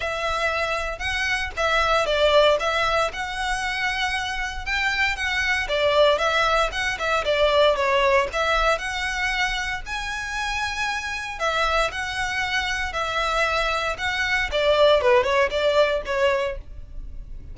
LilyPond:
\new Staff \with { instrumentName = "violin" } { \time 4/4 \tempo 4 = 116 e''2 fis''4 e''4 | d''4 e''4 fis''2~ | fis''4 g''4 fis''4 d''4 | e''4 fis''8 e''8 d''4 cis''4 |
e''4 fis''2 gis''4~ | gis''2 e''4 fis''4~ | fis''4 e''2 fis''4 | d''4 b'8 cis''8 d''4 cis''4 | }